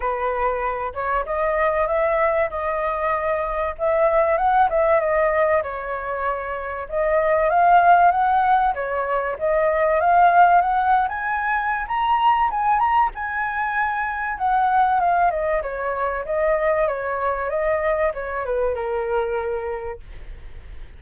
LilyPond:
\new Staff \with { instrumentName = "flute" } { \time 4/4 \tempo 4 = 96 b'4. cis''8 dis''4 e''4 | dis''2 e''4 fis''8 e''8 | dis''4 cis''2 dis''4 | f''4 fis''4 cis''4 dis''4 |
f''4 fis''8. gis''4~ gis''16 ais''4 | gis''8 ais''8 gis''2 fis''4 | f''8 dis''8 cis''4 dis''4 cis''4 | dis''4 cis''8 b'8 ais'2 | }